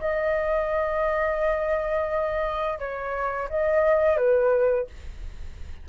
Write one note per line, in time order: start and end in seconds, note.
0.00 2.79 D#5
2.79 3.49 C#5
3.50 4.17 D#5
4.17 4.87 B4